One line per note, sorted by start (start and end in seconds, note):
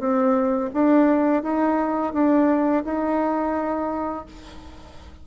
0.00 0.71 C4
0.74 1.43 D4
1.43 2.13 D#4
2.13 2.84 D4
2.85 4.26 D#4